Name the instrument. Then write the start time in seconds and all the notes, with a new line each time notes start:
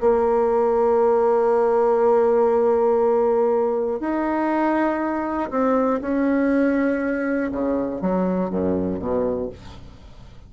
bassoon
0.00 A#3
4.00 D#4
5.50 C4
6.01 C#4
7.51 C#3
8.01 F#3
8.49 F#2
8.99 B2